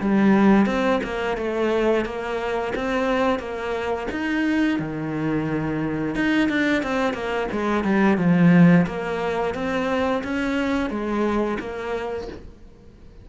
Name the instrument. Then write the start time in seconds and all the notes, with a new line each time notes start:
cello
0.00 G3
0.66 C4
1.03 A#3
1.37 A3
2.05 A#3
2.75 C4
3.39 A#3
4.11 D#4
4.79 D#3
6.15 D#4
6.48 D4
6.82 C4
7.13 A#3
7.51 G#3
7.83 G3
8.17 F3
8.86 A#3
9.54 C4
10.23 C#4
10.90 G#3
11.59 A#3